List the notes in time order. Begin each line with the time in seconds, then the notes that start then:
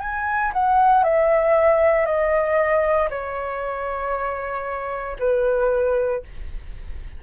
0.00 G#5
0.53 F#5
1.03 E5
2.05 D#5
3.10 C#5
5.19 B4